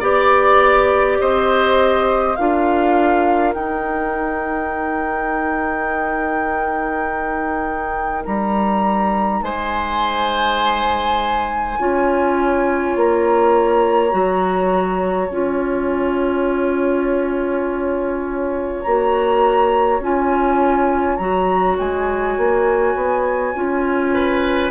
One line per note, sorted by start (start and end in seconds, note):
0.00 1.19 B3
0.00 2.36 G4
0.00 1.18 D5
0.00 1.20 D5
1.20 2.37 C4
1.20 2.38 C5
1.20 2.36 D#5
2.36 3.54 D4
2.36 3.54 F4
2.36 9.43 A#4
2.36 3.53 F5
3.53 8.25 D#4
3.53 11.77 D#4
3.53 8.24 G5
8.25 9.42 G3
8.25 9.42 A#5
9.42 11.77 G#3
9.42 11.79 C5
9.42 12.95 G#5
11.79 12.95 C#4
11.79 14.10 F4
11.79 24.13 C#5
12.95 14.13 A#3
12.95 15.30 A#5
14.10 15.29 F#3
14.10 15.27 F#4
15.29 18.82 C#4
15.29 18.85 F4
15.29 18.82 G#5
18.82 20.00 A#3
18.82 20.02 F#4
18.82 20.00 A#5
20.00 21.17 C#4
20.00 21.19 F4
20.00 21.17 G#5
21.17 21.77 F#3
21.17 23.54 F#4
21.17 21.75 A#5
21.78 22.37 G#3
21.78 24.71 G#5
22.37 22.95 A#3
22.95 23.53 B3
23.55 24.71 C#4
23.55 24.71 F4
24.13 24.71 B4